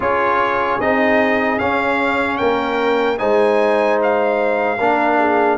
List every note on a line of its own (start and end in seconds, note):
0.00 0.79 C#4
0.00 0.80 F4
0.00 2.39 G#4
0.00 0.80 C#5
0.79 1.59 C4
0.79 1.59 D#4
0.79 1.58 D#5
1.58 3.18 C#4
1.58 2.40 C#4
1.58 2.37 F5
2.37 3.20 A#3
2.37 3.19 A#4
2.37 3.17 G5
3.18 4.79 G#3
3.18 4.78 D#4
3.18 4.77 C5
3.18 3.98 G#5
4.03 5.58 F5
4.77 5.58 A#3
4.77 5.58 D4
4.77 5.17 A#4
5.18 5.58 G#4